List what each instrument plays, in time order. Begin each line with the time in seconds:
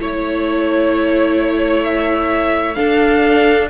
0.00 cello A3, viola E4, violin C#5
1.84 violin E5
2.75 viola D4, cello D4, violin A4 F5